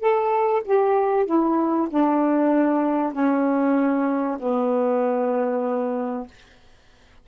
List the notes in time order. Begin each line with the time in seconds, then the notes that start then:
0.00 A4
0.65 G4
1.26 E4
1.90 D4
3.13 C#4
4.40 B3